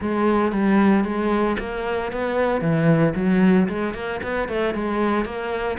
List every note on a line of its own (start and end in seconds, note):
0.00 0.51 G#3
0.51 1.04 G3
1.04 1.56 G#3
1.59 2.11 A#3
2.11 2.61 B3
2.61 3.13 E3
3.15 3.67 F#3
3.68 3.94 G#3
3.94 4.20 A#3
4.22 4.48 B3
4.48 4.74 A3
4.74 5.25 G#3
5.25 5.77 A#3